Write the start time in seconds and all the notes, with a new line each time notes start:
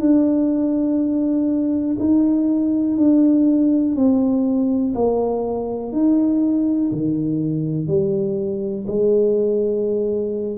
0.00 D4
2.00 D#4
2.98 D4
3.96 C4
4.95 A#3
5.93 D#4
6.93 D#3
7.88 G3
8.87 G#3